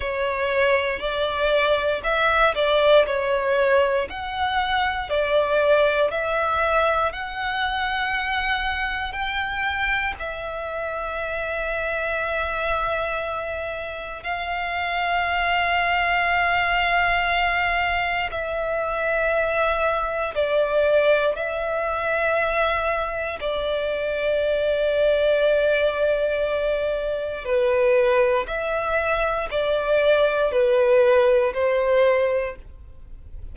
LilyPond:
\new Staff \with { instrumentName = "violin" } { \time 4/4 \tempo 4 = 59 cis''4 d''4 e''8 d''8 cis''4 | fis''4 d''4 e''4 fis''4~ | fis''4 g''4 e''2~ | e''2 f''2~ |
f''2 e''2 | d''4 e''2 d''4~ | d''2. b'4 | e''4 d''4 b'4 c''4 | }